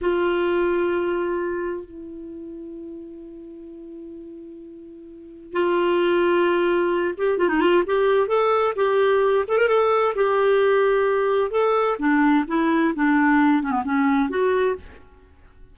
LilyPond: \new Staff \with { instrumentName = "clarinet" } { \time 4/4 \tempo 4 = 130 f'1 | e'1~ | e'1 | f'2.~ f'8 g'8 |
f'16 dis'16 f'8 g'4 a'4 g'4~ | g'8 a'16 ais'16 a'4 g'2~ | g'4 a'4 d'4 e'4 | d'4. cis'16 b16 cis'4 fis'4 | }